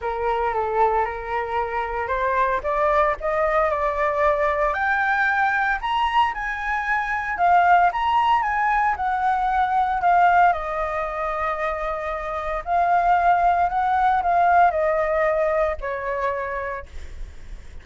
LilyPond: \new Staff \with { instrumentName = "flute" } { \time 4/4 \tempo 4 = 114 ais'4 a'4 ais'2 | c''4 d''4 dis''4 d''4~ | d''4 g''2 ais''4 | gis''2 f''4 ais''4 |
gis''4 fis''2 f''4 | dis''1 | f''2 fis''4 f''4 | dis''2 cis''2 | }